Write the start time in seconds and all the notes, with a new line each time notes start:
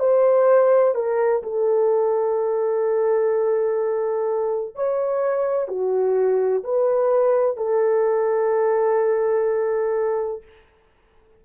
0.00 C5
0.95 A#4
1.43 A4
4.75 C#5
5.68 F#4
6.64 B4
7.57 A4